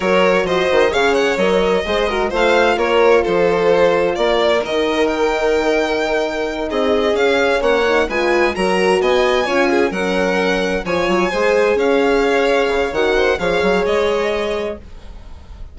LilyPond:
<<
  \new Staff \with { instrumentName = "violin" } { \time 4/4 \tempo 4 = 130 cis''4 dis''4 f''8 fis''8 dis''4~ | dis''4 f''4 cis''4 c''4~ | c''4 d''4 dis''4 g''4~ | g''2~ g''8 dis''4 f''8~ |
f''8 fis''4 gis''4 ais''4 gis''8~ | gis''4. fis''2 gis''8~ | gis''4. f''2~ f''8 | fis''4 f''4 dis''2 | }
  \new Staff \with { instrumentName = "violin" } { \time 4/4 ais'4 c''4 cis''2 | c''8 ais'8 c''4 ais'4 a'4~ | a'4 ais'2.~ | ais'2~ ais'8 gis'4.~ |
gis'8 cis''4 b'4 ais'4 dis''8~ | dis''8 cis''8 gis'8 ais'2 cis''8~ | cis''8 c''4 cis''2~ cis''8~ | cis''8 c''8 cis''2. | }
  \new Staff \with { instrumentName = "horn" } { \time 4/4 fis'2 gis'4 ais'4 | gis'8 fis'8 f'2.~ | f'2 dis'2~ | dis'2.~ dis'8 cis'8~ |
cis'4 dis'8 f'4 fis'4.~ | fis'8 f'4 cis'2 f'8~ | f'8 gis'2.~ gis'8 | fis'4 gis'2. | }
  \new Staff \with { instrumentName = "bassoon" } { \time 4/4 fis4 f8 dis8 cis4 fis4 | gis4 a4 ais4 f4~ | f4 ais4 dis2~ | dis2~ dis8 c'4 cis'8~ |
cis'8 ais4 gis4 fis4 b8~ | b8 cis'4 fis2 f8 | fis8 gis4 cis'2 cis8 | dis4 f8 fis8 gis2 | }
>>